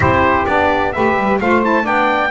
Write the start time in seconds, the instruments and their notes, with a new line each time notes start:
0.00 double bass C4, saxophone E4 G4, trumpet C5
0.45 double bass B3, saxophone D4, trumpet D5
0.92 double bass A3, saxophone G4 B4, trumpet E5
1.16 double bass G3
1.40 double bass A3, saxophone F4 C5, trumpet F5
1.62 saxophone E4, trumpet A5
1.82 double bass B3, saxophone D4 D5, trumpet G5